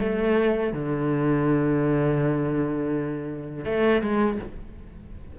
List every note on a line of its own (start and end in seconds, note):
0.00 0.73 A3
0.73 3.65 D3
3.65 4.02 A3
4.02 4.39 G#3